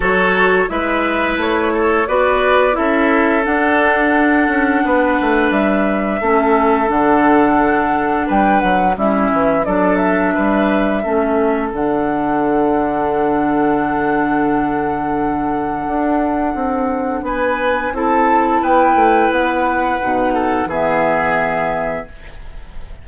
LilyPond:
<<
  \new Staff \with { instrumentName = "flute" } { \time 4/4 \tempo 4 = 87 cis''4 e''4 cis''4 d''4 | e''4 fis''2. | e''2 fis''2 | g''8 fis''8 e''4 d''8 e''4.~ |
e''4 fis''2.~ | fis''1~ | fis''4 gis''4 a''4 g''4 | fis''2 e''2 | }
  \new Staff \with { instrumentName = "oboe" } { \time 4/4 a'4 b'4. a'8 b'4 | a'2. b'4~ | b'4 a'2. | b'4 e'4 a'4 b'4 |
a'1~ | a'1~ | a'4 b'4 a'4 b'4~ | b'4. a'8 gis'2 | }
  \new Staff \with { instrumentName = "clarinet" } { \time 4/4 fis'4 e'2 fis'4 | e'4 d'2.~ | d'4 cis'4 d'2~ | d'4 cis'4 d'2 |
cis'4 d'2.~ | d'1~ | d'2 e'2~ | e'4 dis'4 b2 | }
  \new Staff \with { instrumentName = "bassoon" } { \time 4/4 fis4 gis4 a4 b4 | cis'4 d'4. cis'8 b8 a8 | g4 a4 d2 | g8 fis8 g8 e8 fis4 g4 |
a4 d2.~ | d2. d'4 | c'4 b4 c'4 b8 a8 | b4 b,4 e2 | }
>>